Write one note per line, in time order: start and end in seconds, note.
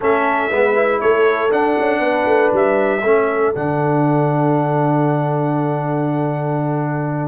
0.00 0.50 A3
0.00 0.51 C#4
0.00 0.50 A4
0.00 1.00 E5
0.50 1.01 G#3
0.50 0.75 B3
0.50 1.00 B4
0.75 1.50 E4
1.00 1.51 A3
1.00 2.01 A4
1.00 1.51 C#5
1.50 3.01 D4
1.50 1.76 D4
1.50 2.53 F#5
1.78 1.99 C#4
1.99 2.24 B3
1.99 3.01 B4
2.25 2.51 A3
2.52 3.02 G3
2.52 3.54 E5
3.01 3.53 A3
3.01 3.55 C#4
3.01 7.28 A4
3.54 7.28 D3
3.54 7.28 D4
3.54 7.28 F#5